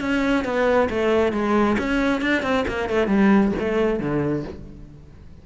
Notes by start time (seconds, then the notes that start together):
0.00 C#4
0.44 B3
0.89 A3
1.32 G#3
1.78 C#4
2.21 D4
2.42 C4
2.67 A#3
2.89 A3
3.07 G3
3.59 A3
3.99 D3